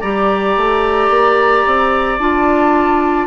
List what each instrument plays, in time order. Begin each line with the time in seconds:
0.00 bassoon G3, clarinet G4, oboe D5, flute A#5
0.56 bassoon A3
1.09 bassoon A#3
1.66 bassoon C4
2.18 bassoon D4, clarinet F4, flute A5